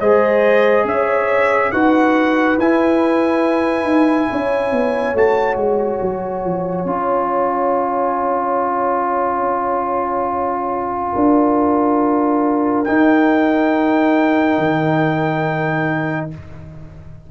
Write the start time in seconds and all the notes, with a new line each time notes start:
0.00 G#3 G#4 C5 D#5
0.84 C#4 C#5 E5
1.71 D#4 F#4 B4 F#5
2.57 E4 G#5
3.83 D#4
4.30 C#4 C#5
4.72 B3
5.14 A3 F#4 A5
5.55 G#3 G#5
6.01 F#3
6.44 F3
6.85 C#4 F4
11.12 D4 A#4
12.84 D#4 G5
14.58 D#3